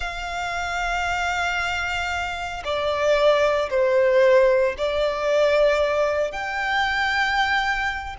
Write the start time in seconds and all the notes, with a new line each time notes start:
0.00 F5
2.64 D5
3.69 C5
4.77 D5
6.31 G5